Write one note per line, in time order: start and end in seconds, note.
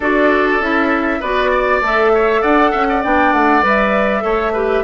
0.00 0.60 D4
0.00 0.61 F#4
0.00 1.20 A4
0.00 0.62 D5
0.60 1.20 C#4
0.60 1.21 E4
0.60 1.21 E5
1.20 1.81 B3
1.20 1.82 F#4
1.20 1.50 B4
1.20 1.82 D5
1.51 2.11 D5
1.81 2.41 A3
1.81 3.03 A4
1.81 2.42 E5
2.14 2.41 C#5
2.41 2.73 D4
2.41 2.71 D5
2.41 3.02 F#5
2.71 3.04 C#4
2.71 2.86 E5
2.88 4.24 D5
3.03 3.33 B3
3.03 3.62 D4
3.03 3.33 G5
3.33 3.62 A3
3.33 3.63 F#5
3.62 4.23 G3
3.62 4.20 B4
3.62 4.83 E5
4.20 4.83 A3
4.20 4.50 A4
4.20 4.53 C#5
4.53 4.83 G4
4.53 4.83 B4